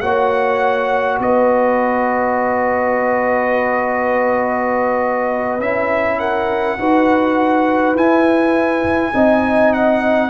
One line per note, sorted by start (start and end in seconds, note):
0.00 1.19 A#3
0.00 5.60 F#4
0.00 1.19 C#5
0.00 1.18 F#5
1.19 5.60 B3
1.19 6.19 B4
1.19 5.61 D#5
5.60 6.77 C#4
5.60 6.78 E4
5.60 6.19 E5
6.19 6.78 A#4
6.19 7.96 F#5
6.78 7.93 D#4
6.78 7.96 F#4
6.78 9.14 B4
7.93 9.11 E4
7.93 9.13 E4
7.93 9.73 G#5
9.13 10.30 C4
9.13 10.30 D#4
9.13 10.30 D#5
9.73 10.30 F#5